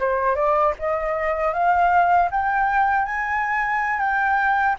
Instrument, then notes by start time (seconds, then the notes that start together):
flute
0.00 C5
0.36 D5
0.79 D#5
1.53 F5
2.31 G5
3.06 G#5
4.00 G5